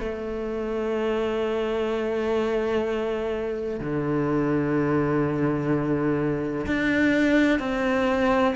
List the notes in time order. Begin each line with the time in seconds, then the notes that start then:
0.00 A3
3.81 D3
6.67 D4
7.60 C4